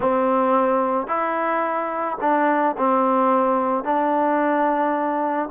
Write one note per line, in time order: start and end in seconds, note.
0.00 1.07 C4
1.07 2.17 E4
2.20 2.75 D4
2.77 3.84 C4
3.84 5.49 D4